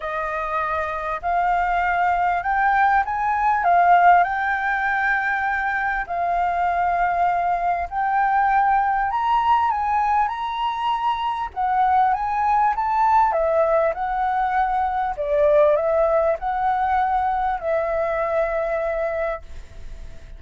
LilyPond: \new Staff \with { instrumentName = "flute" } { \time 4/4 \tempo 4 = 99 dis''2 f''2 | g''4 gis''4 f''4 g''4~ | g''2 f''2~ | f''4 g''2 ais''4 |
gis''4 ais''2 fis''4 | gis''4 a''4 e''4 fis''4~ | fis''4 d''4 e''4 fis''4~ | fis''4 e''2. | }